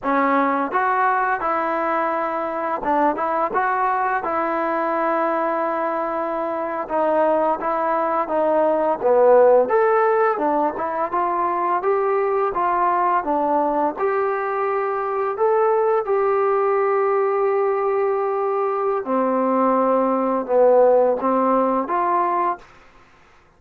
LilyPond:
\new Staff \with { instrumentName = "trombone" } { \time 4/4 \tempo 4 = 85 cis'4 fis'4 e'2 | d'8 e'8 fis'4 e'2~ | e'4.~ e'16 dis'4 e'4 dis'16~ | dis'8. b4 a'4 d'8 e'8 f'16~ |
f'8. g'4 f'4 d'4 g'16~ | g'4.~ g'16 a'4 g'4~ g'16~ | g'2. c'4~ | c'4 b4 c'4 f'4 | }